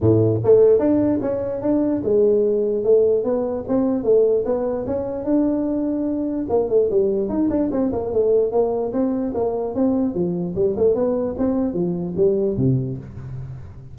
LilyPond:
\new Staff \with { instrumentName = "tuba" } { \time 4/4 \tempo 4 = 148 a,4 a4 d'4 cis'4 | d'4 gis2 a4 | b4 c'4 a4 b4 | cis'4 d'2. |
ais8 a8 g4 dis'8 d'8 c'8 ais8 | a4 ais4 c'4 ais4 | c'4 f4 g8 a8 b4 | c'4 f4 g4 c4 | }